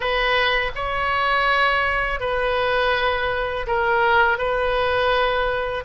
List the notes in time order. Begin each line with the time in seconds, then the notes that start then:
0.00 B4
0.75 C#5
2.20 B4
3.67 A#4
4.37 B4